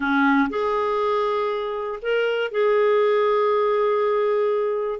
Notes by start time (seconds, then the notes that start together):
0.00 C#4
0.49 G#4
2.02 A#4
2.51 G#4